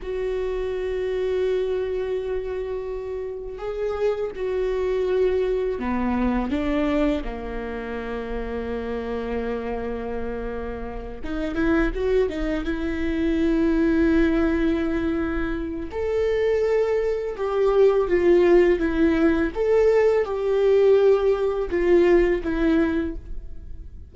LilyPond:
\new Staff \with { instrumentName = "viola" } { \time 4/4 \tempo 4 = 83 fis'1~ | fis'4 gis'4 fis'2 | b4 d'4 ais2~ | ais2.~ ais8 dis'8 |
e'8 fis'8 dis'8 e'2~ e'8~ | e'2 a'2 | g'4 f'4 e'4 a'4 | g'2 f'4 e'4 | }